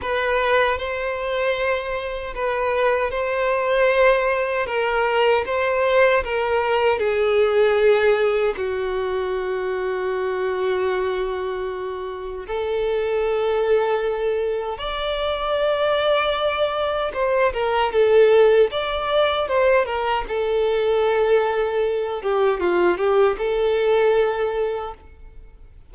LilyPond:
\new Staff \with { instrumentName = "violin" } { \time 4/4 \tempo 4 = 77 b'4 c''2 b'4 | c''2 ais'4 c''4 | ais'4 gis'2 fis'4~ | fis'1 |
a'2. d''4~ | d''2 c''8 ais'8 a'4 | d''4 c''8 ais'8 a'2~ | a'8 g'8 f'8 g'8 a'2 | }